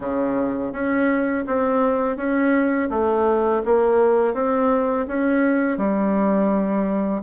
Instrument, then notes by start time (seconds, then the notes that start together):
bassoon
0.00 C#3
0.72 C#4
1.46 C4
2.17 C#4
2.89 A3
3.65 A#3
4.34 C4
5.07 C#4
5.77 G3